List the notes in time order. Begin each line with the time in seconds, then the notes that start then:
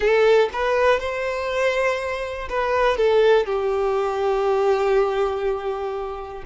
0.00 A4
0.53 B4
0.99 C5
2.49 B4
2.97 A4
3.46 G4